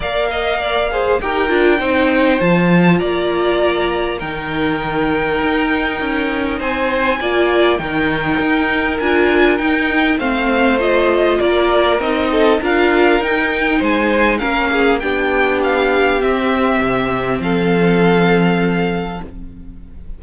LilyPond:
<<
  \new Staff \with { instrumentName = "violin" } { \time 4/4 \tempo 4 = 100 f''2 g''2 | a''4 ais''2 g''4~ | g''2. gis''4~ | gis''4 g''2 gis''4 |
g''4 f''4 dis''4 d''4 | dis''4 f''4 g''4 gis''4 | f''4 g''4 f''4 e''4~ | e''4 f''2. | }
  \new Staff \with { instrumentName = "violin" } { \time 4/4 d''8 dis''8 d''8 c''8 ais'4 c''4~ | c''4 d''2 ais'4~ | ais'2. c''4 | d''4 ais'2.~ |
ais'4 c''2 ais'4~ | ais'8 a'8 ais'2 c''4 | ais'8 gis'8 g'2.~ | g'4 a'2. | }
  \new Staff \with { instrumentName = "viola" } { \time 4/4 ais'4. gis'8 g'8 f'8 dis'4 | f'2. dis'4~ | dis'1 | f'4 dis'2 f'4 |
dis'4 c'4 f'2 | dis'4 f'4 dis'2 | cis'4 d'2 c'4~ | c'1 | }
  \new Staff \with { instrumentName = "cello" } { \time 4/4 ais2 dis'8 d'8 c'4 | f4 ais2 dis4~ | dis4 dis'4 cis'4 c'4 | ais4 dis4 dis'4 d'4 |
dis'4 a2 ais4 | c'4 d'4 dis'4 gis4 | ais4 b2 c'4 | c4 f2. | }
>>